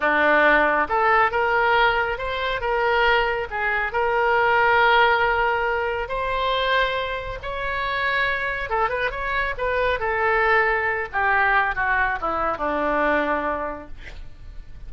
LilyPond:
\new Staff \with { instrumentName = "oboe" } { \time 4/4 \tempo 4 = 138 d'2 a'4 ais'4~ | ais'4 c''4 ais'2 | gis'4 ais'2.~ | ais'2 c''2~ |
c''4 cis''2. | a'8 b'8 cis''4 b'4 a'4~ | a'4. g'4. fis'4 | e'4 d'2. | }